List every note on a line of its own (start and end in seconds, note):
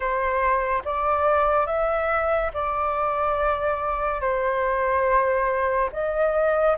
0.00 0.82 C5
0.85 1.66 D5
1.66 2.51 E5
2.54 4.20 D5
4.20 5.89 C5
5.92 6.76 D#5